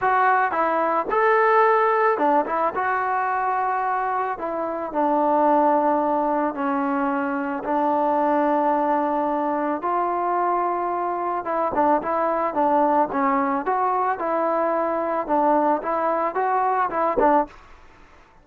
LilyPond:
\new Staff \with { instrumentName = "trombone" } { \time 4/4 \tempo 4 = 110 fis'4 e'4 a'2 | d'8 e'8 fis'2. | e'4 d'2. | cis'2 d'2~ |
d'2 f'2~ | f'4 e'8 d'8 e'4 d'4 | cis'4 fis'4 e'2 | d'4 e'4 fis'4 e'8 d'8 | }